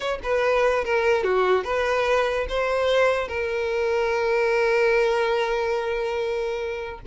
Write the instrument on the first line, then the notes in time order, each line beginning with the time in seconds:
violin
0.00 C#5
0.23 B4
0.84 A#4
1.23 F#4
1.63 B4
2.48 C5
3.28 A#4